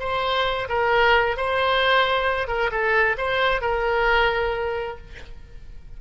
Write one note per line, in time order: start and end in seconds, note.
0.00 0.68 C5
0.69 1.37 A#4
1.37 2.48 C5
2.48 2.70 A#4
2.71 3.17 A4
3.18 3.62 C5
3.62 4.98 A#4